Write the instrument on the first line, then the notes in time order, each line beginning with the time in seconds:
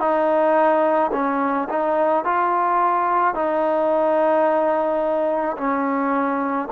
trombone
0.00 D#4
1.13 C#4
1.70 D#4
2.25 F4
3.35 D#4
5.58 C#4